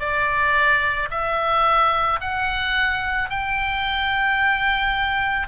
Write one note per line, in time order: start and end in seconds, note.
0.00 1.09 D5
1.11 2.20 E5
2.21 3.30 F#5
3.30 5.48 G5